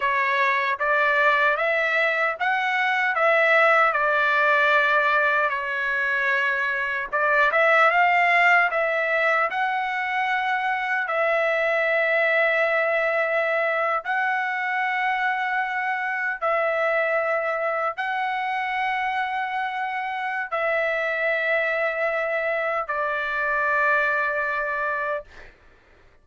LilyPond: \new Staff \with { instrumentName = "trumpet" } { \time 4/4 \tempo 4 = 76 cis''4 d''4 e''4 fis''4 | e''4 d''2 cis''4~ | cis''4 d''8 e''8 f''4 e''4 | fis''2 e''2~ |
e''4.~ e''16 fis''2~ fis''16~ | fis''8. e''2 fis''4~ fis''16~ | fis''2 e''2~ | e''4 d''2. | }